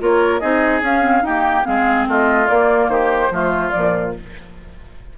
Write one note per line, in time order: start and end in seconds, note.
0.00 0.42 A#3
0.00 0.41 F4
0.00 0.41 A#4
0.00 0.40 C#5
0.40 0.81 C4
0.40 0.82 D#4
0.40 1.24 G#4
0.40 0.81 D#5
0.81 1.22 C#4
0.81 1.01 C#4
0.81 1.26 F5
1.01 1.22 C4
1.22 1.64 A#3
1.22 1.64 D#4
1.22 1.67 G4
1.22 1.65 G5
1.64 2.08 G#3
1.64 2.47 C4
1.64 2.09 G#4
1.64 2.07 F5
2.08 2.49 A3
2.08 2.91 F4
2.08 2.48 D#5
2.48 3.31 A#3
2.48 2.89 A#3
2.48 2.89 D5
2.89 3.30 D#3
2.89 3.33 G4
2.89 3.70 C5
3.31 3.72 F3
3.31 3.72 A3
3.31 4.16 F4
3.70 4.14 F3
3.70 4.12 D5
3.77 4.18 A#2